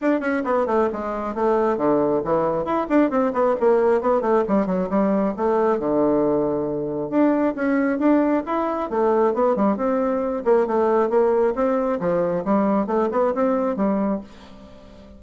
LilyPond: \new Staff \with { instrumentName = "bassoon" } { \time 4/4 \tempo 4 = 135 d'8 cis'8 b8 a8 gis4 a4 | d4 e4 e'8 d'8 c'8 b8 | ais4 b8 a8 g8 fis8 g4 | a4 d2. |
d'4 cis'4 d'4 e'4 | a4 b8 g8 c'4. ais8 | a4 ais4 c'4 f4 | g4 a8 b8 c'4 g4 | }